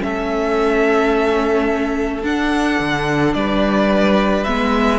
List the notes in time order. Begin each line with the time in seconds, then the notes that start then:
0.00 A3 C#4 A4 E5
2.24 D4 F#5
2.80 D3
3.34 G3 B4 D5
4.44 G#3 B3 E5